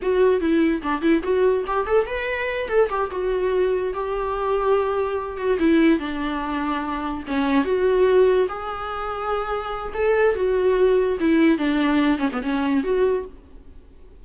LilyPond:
\new Staff \with { instrumentName = "viola" } { \time 4/4 \tempo 4 = 145 fis'4 e'4 d'8 e'8 fis'4 | g'8 a'8 b'4. a'8 g'8 fis'8~ | fis'4. g'2~ g'8~ | g'4 fis'8 e'4 d'4.~ |
d'4. cis'4 fis'4.~ | fis'8 gis'2.~ gis'8 | a'4 fis'2 e'4 | d'4. cis'16 b16 cis'4 fis'4 | }